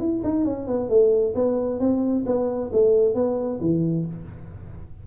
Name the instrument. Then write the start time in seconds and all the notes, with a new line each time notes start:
tuba
0.00 E4
0.24 D#4
0.45 C#4
0.67 B3
0.90 A3
1.35 B3
1.80 C4
2.27 B3
2.73 A3
3.15 B3
3.61 E3